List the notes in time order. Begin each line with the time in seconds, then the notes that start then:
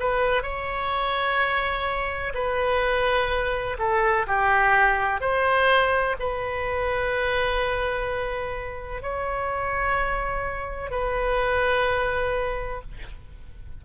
0.00 B4
0.42 C#5
2.34 B4
3.79 A4
4.27 G4
5.21 C5
6.19 B4
9.02 C#5
10.91 B4